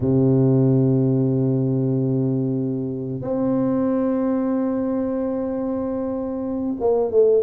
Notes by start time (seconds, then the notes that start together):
0.00 C3
3.21 C4
6.80 A#3
7.10 A3